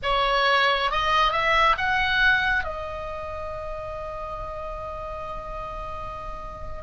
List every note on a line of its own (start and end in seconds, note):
0.02 0.91 C#5
0.91 1.32 D#5
1.32 1.76 E5
1.77 2.64 F#5
2.64 6.82 D#5